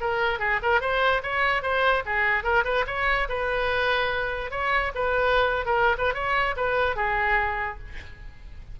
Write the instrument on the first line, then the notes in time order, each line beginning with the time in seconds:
oboe
0.00 A#4
0.39 G#4
0.62 A#4
0.81 C5
1.23 C#5
1.62 C5
2.05 G#4
2.43 A#4
2.64 B4
2.87 C#5
3.29 B4
4.50 C#5
4.95 B4
5.65 A#4
5.98 B4
6.14 C#5
6.56 B4
6.96 G#4